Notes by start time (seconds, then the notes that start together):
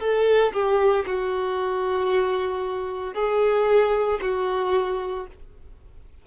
0.00 A4
0.53 G4
1.06 F#4
3.14 G#4
4.22 F#4